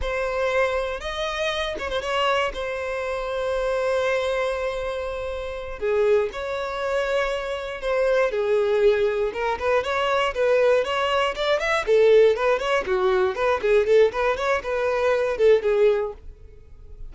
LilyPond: \new Staff \with { instrumentName = "violin" } { \time 4/4 \tempo 4 = 119 c''2 dis''4. cis''16 c''16 | cis''4 c''2.~ | c''2.~ c''8 gis'8~ | gis'8 cis''2. c''8~ |
c''8 gis'2 ais'8 b'8 cis''8~ | cis''8 b'4 cis''4 d''8 e''8 a'8~ | a'8 b'8 cis''8 fis'4 b'8 gis'8 a'8 | b'8 cis''8 b'4. a'8 gis'4 | }